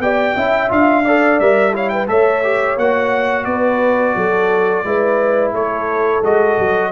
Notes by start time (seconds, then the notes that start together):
0.00 B3 G4 D5 G5
0.36 C#4 E4 E5
0.69 D4 F4 F5
1.05 A4 D5
1.40 G3 A#4 E5
1.73 E4 C#5 F5
1.89 B4 G5
2.08 A3 A4 C#5 E5
2.44 G4
2.77 A#3 F#4 F#5
3.45 B3 B4 D5
4.16 F#3 A4
4.84 G#3 E4 B4
5.53 A3 A4 C#5
6.23 G#3 F#4 D#5
6.59 F#3